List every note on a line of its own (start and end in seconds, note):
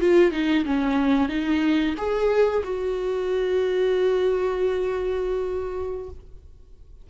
0.00 0.31 F4
0.31 0.64 D#4
0.65 1.29 C#4
1.29 1.95 D#4
1.97 2.63 G#4
2.64 6.10 F#4